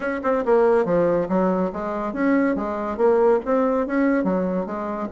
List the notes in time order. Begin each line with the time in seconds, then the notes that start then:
0.00 C#4
0.23 C4
0.45 A#3
0.85 F3
1.28 F#3
1.72 G#3
2.13 C#4
2.55 G#3
2.97 A#3
3.45 C4
3.86 C#4
4.23 F#3
4.66 G#3